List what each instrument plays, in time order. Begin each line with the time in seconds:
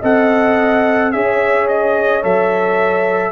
0.00 tuba C4, trombone A4, horn D#5, trumpet F#5
1.12 tuba C#4, trombone G#4, horn C#5, trumpet E5
1.68 trumpet D#5
2.22 tuba F#3, trombone A4, trumpet E5